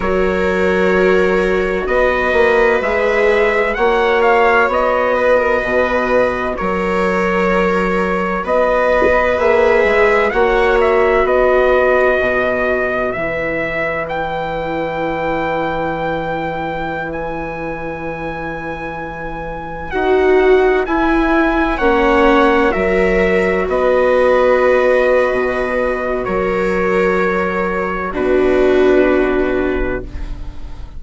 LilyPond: <<
  \new Staff \with { instrumentName = "trumpet" } { \time 4/4 \tempo 4 = 64 cis''2 dis''4 e''4 | fis''8 f''8 dis''2 cis''4~ | cis''4 dis''4 e''4 fis''8 e''8 | dis''2 e''4 g''4~ |
g''2~ g''16 gis''4.~ gis''16~ | gis''4~ gis''16 fis''4 gis''4 fis''8.~ | fis''16 e''4 dis''2~ dis''8. | cis''2 b'2 | }
  \new Staff \with { instrumentName = "viola" } { \time 4/4 ais'2 b'2 | cis''4. b'16 ais'16 b'4 ais'4~ | ais'4 b'2 cis''4 | b'1~ |
b'1~ | b'2.~ b'16 cis''8.~ | cis''16 ais'4 b'2~ b'8. | ais'2 fis'2 | }
  \new Staff \with { instrumentName = "viola" } { \time 4/4 fis'2. gis'4 | fis'1~ | fis'2 gis'4 fis'4~ | fis'2 e'2~ |
e'1~ | e'4~ e'16 fis'4 e'4 cis'8.~ | cis'16 fis'2.~ fis'8.~ | fis'2 d'2 | }
  \new Staff \with { instrumentName = "bassoon" } { \time 4/4 fis2 b8 ais8 gis4 | ais4 b4 b,4 fis4~ | fis4 b4 ais8 gis8 ais4 | b4 b,4 e2~ |
e1~ | e4~ e16 dis'4 e'4 ais8.~ | ais16 fis4 b4.~ b16 b,4 | fis2 b,2 | }
>>